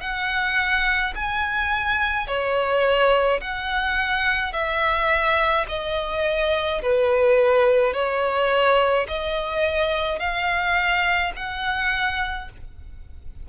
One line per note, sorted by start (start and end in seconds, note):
0.00 1.13 F#5
1.15 2.27 G#5
2.27 3.40 C#5
3.41 4.52 F#5
4.52 5.66 E5
5.68 6.81 D#5
6.82 7.93 B4
7.93 9.07 C#5
9.08 10.19 D#5
10.19 11.32 F5
11.36 12.49 F#5